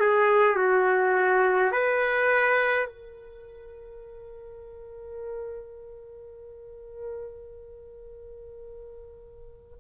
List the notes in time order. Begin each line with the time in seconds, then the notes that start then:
0.00 G#4
0.57 F#4
1.72 B4
2.86 A#4